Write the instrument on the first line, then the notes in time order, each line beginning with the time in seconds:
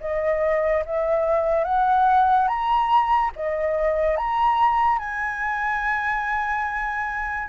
flute
0.00 D#5
0.85 E5
1.64 F#5
2.47 A#5
3.36 D#5
4.17 A#5
4.98 G#5